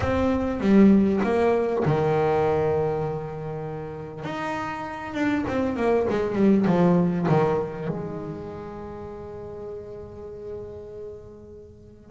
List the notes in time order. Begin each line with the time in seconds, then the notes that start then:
0.00 C4
0.60 G3
1.23 A#3
1.85 D#3
4.24 D#4
5.14 D4
5.47 C4
5.76 A#3
6.09 G#3
6.35 G3
6.66 F3
7.28 D#3
7.88 G#3